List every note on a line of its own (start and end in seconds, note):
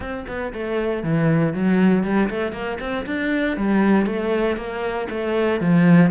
0.00 0.25 C4
0.27 0.52 B3
0.53 1.03 A3
1.03 1.53 E3
1.53 2.03 F#3
2.03 2.29 G3
2.29 2.52 A3
2.52 2.78 A#3
2.80 3.05 C4
3.06 3.56 D4
3.56 4.06 G3
4.06 4.56 A3
4.56 5.07 A#3
5.09 5.60 A3
5.60 6.11 F3